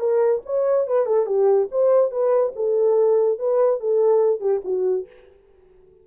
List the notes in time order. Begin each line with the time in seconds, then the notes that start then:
0.00 A#4
0.46 C#5
0.88 B4
1.06 A4
1.26 G4
1.71 C5
2.11 B4
2.56 A4
3.39 B4
3.80 A4
4.41 G4
4.65 F#4